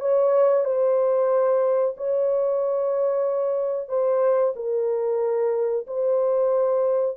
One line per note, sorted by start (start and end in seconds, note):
0.00 0.65 C#5
0.65 1.95 C5
1.97 3.89 C#5
3.89 4.54 C5
4.56 5.86 A#4
5.87 7.17 C5